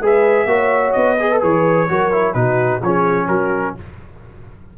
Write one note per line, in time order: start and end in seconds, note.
0.00 0.46 G#3
0.00 0.48 G#4
0.00 0.48 B4
0.00 0.92 E5
0.46 0.92 A#3
0.46 1.17 F#4
0.46 1.19 C#5
0.92 1.43 B3
0.92 1.39 D#5
1.20 1.32 G#4
1.20 1.90 B4
1.32 1.41 A4
1.41 1.89 E3
1.41 1.88 G#4
1.41 2.34 C#5
1.88 2.35 F#3
1.88 2.12 F#4
1.88 2.36 A#4
2.12 2.35 E4
2.34 2.81 B2
2.34 2.81 D#4
2.34 2.82 F#4
2.34 2.80 B4
2.82 3.28 F3
2.82 3.78 C#4
2.82 3.27 G#4
2.82 3.28 C#5
3.27 3.75 F#3
3.27 3.74 F#4
3.27 3.75 A#4